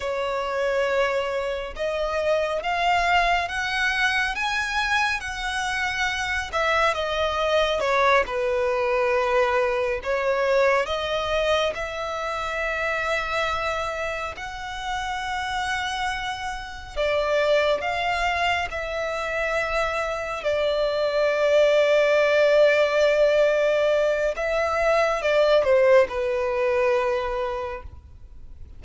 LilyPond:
\new Staff \with { instrumentName = "violin" } { \time 4/4 \tempo 4 = 69 cis''2 dis''4 f''4 | fis''4 gis''4 fis''4. e''8 | dis''4 cis''8 b'2 cis''8~ | cis''8 dis''4 e''2~ e''8~ |
e''8 fis''2. d''8~ | d''8 f''4 e''2 d''8~ | d''1 | e''4 d''8 c''8 b'2 | }